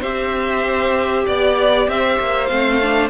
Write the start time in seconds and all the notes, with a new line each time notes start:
0.00 C4 G4 C5 E5
1.27 B3 D5
1.88 C4 C5 E5
2.20 A#3
2.47 A3 C4 F5
2.82 D4